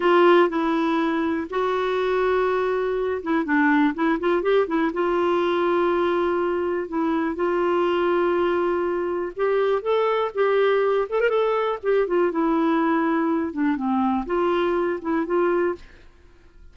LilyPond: \new Staff \with { instrumentName = "clarinet" } { \time 4/4 \tempo 4 = 122 f'4 e'2 fis'4~ | fis'2~ fis'8 e'8 d'4 | e'8 f'8 g'8 e'8 f'2~ | f'2 e'4 f'4~ |
f'2. g'4 | a'4 g'4. a'16 ais'16 a'4 | g'8 f'8 e'2~ e'8 d'8 | c'4 f'4. e'8 f'4 | }